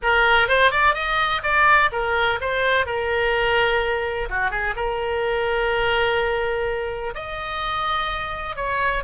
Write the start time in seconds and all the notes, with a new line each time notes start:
0.02 A#4
0.48 C5
0.71 D5
0.94 D#5
1.42 D5
1.92 A#4
2.40 C5
2.86 A#4
4.29 F#4
4.50 G#4
4.76 A#4
7.15 D#5
8.55 C#5